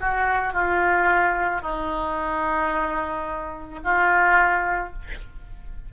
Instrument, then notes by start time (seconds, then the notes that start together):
oboe
0.00 F#4
0.53 F4
1.61 D#4
3.83 F4